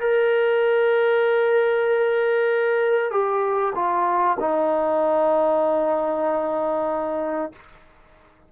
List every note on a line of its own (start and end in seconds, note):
0.00 3.11 A#4
3.11 3.74 G4
3.75 4.38 F4
4.40 7.52 D#4